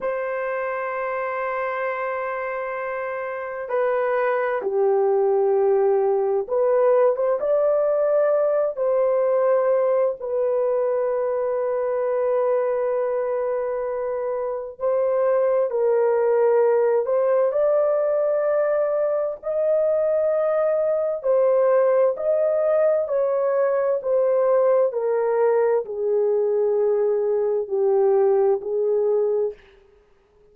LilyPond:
\new Staff \with { instrumentName = "horn" } { \time 4/4 \tempo 4 = 65 c''1 | b'4 g'2 b'8. c''16 | d''4. c''4. b'4~ | b'1 |
c''4 ais'4. c''8 d''4~ | d''4 dis''2 c''4 | dis''4 cis''4 c''4 ais'4 | gis'2 g'4 gis'4 | }